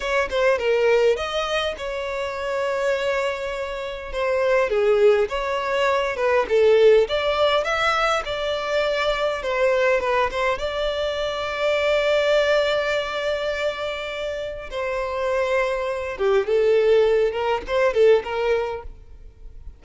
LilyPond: \new Staff \with { instrumentName = "violin" } { \time 4/4 \tempo 4 = 102 cis''8 c''8 ais'4 dis''4 cis''4~ | cis''2. c''4 | gis'4 cis''4. b'8 a'4 | d''4 e''4 d''2 |
c''4 b'8 c''8 d''2~ | d''1~ | d''4 c''2~ c''8 g'8 | a'4. ais'8 c''8 a'8 ais'4 | }